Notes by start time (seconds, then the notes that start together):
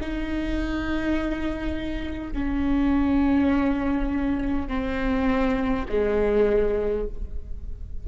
0.00 D#4
2.33 C#4
4.68 C4
5.88 G#3